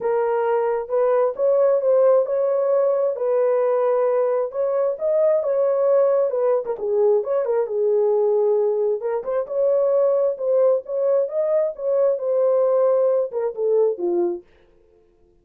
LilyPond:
\new Staff \with { instrumentName = "horn" } { \time 4/4 \tempo 4 = 133 ais'2 b'4 cis''4 | c''4 cis''2 b'4~ | b'2 cis''4 dis''4 | cis''2 b'8. ais'16 gis'4 |
cis''8 ais'8 gis'2. | ais'8 c''8 cis''2 c''4 | cis''4 dis''4 cis''4 c''4~ | c''4. ais'8 a'4 f'4 | }